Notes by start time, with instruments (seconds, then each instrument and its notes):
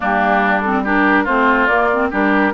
0.00 bassoon G3, clarinet A#3, oboe D4, flute G4
0.61 clarinet C4, flute A4
0.84 clarinet D4, oboe G4, flute A#4
1.24 bassoon A3, clarinet C4, oboe F4, flute C5
1.66 bassoon A#3, clarinet A#3, flute D5
1.93 clarinet C4
2.10 bassoon G3, clarinet D4, oboe G4, flute A#4